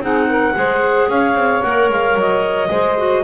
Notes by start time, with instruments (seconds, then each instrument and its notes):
0.00 double bass C4, clarinet D#4 F#5, saxophone G#4
0.27 saxophone A#4
0.55 double bass G#3, clarinet G#4, saxophone C5
1.08 double bass C#4, saxophone C#5, clarinet F5
1.34 double bass C4
1.62 double bass A#3, clarinet A#4 F#5
1.89 double bass G#3, clarinet F5
2.14 double bass F#3, clarinet D#5
2.68 double bass G#3, clarinet G#4, saxophone C5
2.97 clarinet F#4